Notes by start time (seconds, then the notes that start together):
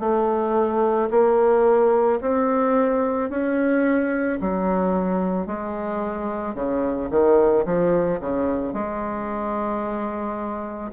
0.00 A3
1.11 A#3
2.21 C4
3.30 C#4
4.41 F#3
5.47 G#3
6.55 C#3
7.11 D#3
7.66 F3
8.20 C#3
8.73 G#3